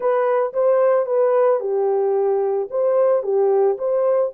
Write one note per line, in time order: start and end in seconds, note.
0.00 0.52 B4
0.53 1.06 C5
1.06 1.60 B4
1.60 2.68 G4
2.70 3.23 C5
3.23 3.77 G4
3.78 4.32 C5